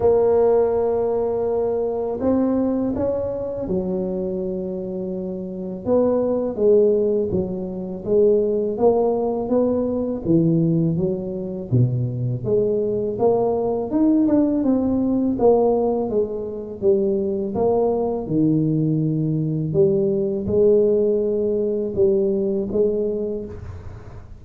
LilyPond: \new Staff \with { instrumentName = "tuba" } { \time 4/4 \tempo 4 = 82 ais2. c'4 | cis'4 fis2. | b4 gis4 fis4 gis4 | ais4 b4 e4 fis4 |
b,4 gis4 ais4 dis'8 d'8 | c'4 ais4 gis4 g4 | ais4 dis2 g4 | gis2 g4 gis4 | }